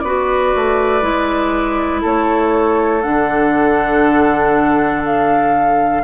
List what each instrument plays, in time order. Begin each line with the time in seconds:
0.00 bassoon B3, clarinet F#4, oboe B4, flute D5
0.55 bassoon A3
1.02 bassoon G#3, clarinet E4
2.02 bassoon A3, oboe A4, flute C#5
3.02 bassoon D3, clarinet D4, flute F#5
5.05 flute F5